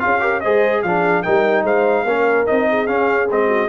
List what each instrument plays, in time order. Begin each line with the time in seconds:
0.00 tuba C#4, trombone F4, horn G#4, trumpet F5
0.20 trombone G4, horn A#4
0.41 tuba G#3, trombone G#4, horn C5, trumpet D#5
0.83 tuba F3, trombone D4, horn G#4, trumpet F5
1.23 tuba G3, trombone D#4, horn A#4, trumpet G5
1.64 tuba G#3, horn C5, trumpet F5
2.05 tuba A#3, trombone C#4, horn A#4
2.46 tuba C4, trombone D#4, trumpet D#5
2.70 horn G#4
2.87 trombone C#4, tuba C#4, trumpet F5
3.31 tuba G#3, trombone C4, trumpet D#5
3.48 horn F#4